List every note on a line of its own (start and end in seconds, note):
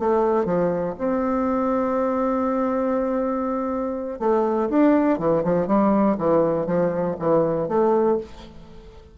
0.00 0.46 A3
0.46 0.95 F3
0.99 4.20 C4
4.20 4.69 A3
4.70 5.19 D4
5.19 5.44 E3
5.44 5.68 F3
5.68 6.17 G3
6.18 6.67 E3
6.67 7.16 F3
7.19 7.68 E3
7.68 8.18 A3